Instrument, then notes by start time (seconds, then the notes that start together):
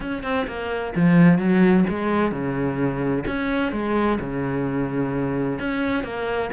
cello
0.00 C#4
0.23 C4
0.47 A#3
0.95 F3
1.38 F#3
1.89 G#3
2.31 C#3
3.26 C#4
3.72 G#3
4.20 C#3
5.59 C#4
6.03 A#3